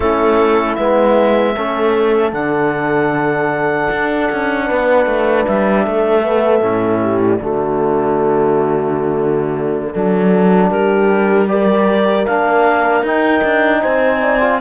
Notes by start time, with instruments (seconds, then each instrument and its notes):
0.00 cello A3, trombone C#4, horn E4, clarinet A4
0.75 cello G#3, trombone B3, clarinet E5
1.55 cello A3, trombone C#4, horn A4
2.32 cello D3, trombone D4, clarinet F#5
3.90 cello D4
4.31 cello C#4
4.66 cello B3, horn B4
5.06 cello A3
5.46 cello G3, clarinet E5
5.84 cello A3, horn A4
6.22 trombone B3
6.61 cello A2, trombone C#4
7.02 horn G4
7.20 clarinet D5
7.40 cello D3, trombone A3, horn F#4
9.92 cello F#3, trombone D4, horn A4
10.69 cello G3, horn G4, clarinet A#4
11.47 trombone G4, horn A#4, clarinet D5
12.25 cello A#3, trombone D4, clarinet F5
13.02 cello D#4, trombone D#4, clarinet G5
13.43 cello D4
13.81 cello C4, horn C5, clarinet G#5
14.20 horn D5
14.40 trombone F4